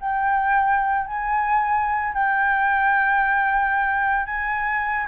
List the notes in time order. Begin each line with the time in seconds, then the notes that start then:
0.00 G5
1.06 G#5
2.14 G5
4.26 G#5